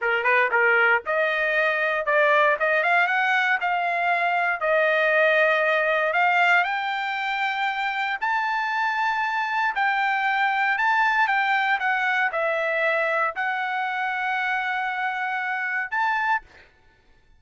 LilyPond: \new Staff \with { instrumentName = "trumpet" } { \time 4/4 \tempo 4 = 117 ais'8 b'8 ais'4 dis''2 | d''4 dis''8 f''8 fis''4 f''4~ | f''4 dis''2. | f''4 g''2. |
a''2. g''4~ | g''4 a''4 g''4 fis''4 | e''2 fis''2~ | fis''2. a''4 | }